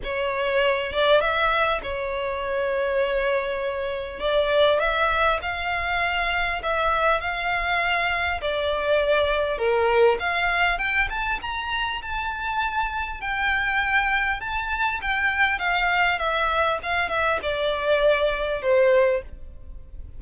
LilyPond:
\new Staff \with { instrumentName = "violin" } { \time 4/4 \tempo 4 = 100 cis''4. d''8 e''4 cis''4~ | cis''2. d''4 | e''4 f''2 e''4 | f''2 d''2 |
ais'4 f''4 g''8 a''8 ais''4 | a''2 g''2 | a''4 g''4 f''4 e''4 | f''8 e''8 d''2 c''4 | }